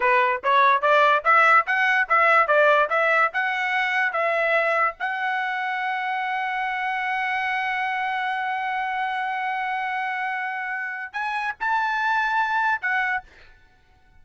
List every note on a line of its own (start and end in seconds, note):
0.00 0.42 B4
0.43 0.81 C#5
0.81 1.23 D5
1.24 1.66 E5
1.66 2.07 F#5
2.08 2.47 E5
2.47 2.88 D5
2.89 3.31 E5
3.33 4.12 F#5
4.12 4.95 E5
4.99 11.13 F#5
11.13 11.54 G#5
11.60 12.81 A5
12.81 13.23 F#5